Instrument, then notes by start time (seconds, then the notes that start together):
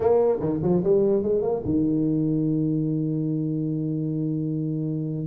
tuba
0.00 A#3
0.40 D#3
0.62 F3
0.83 G3
1.23 G#3
1.42 A#3
1.64 D#3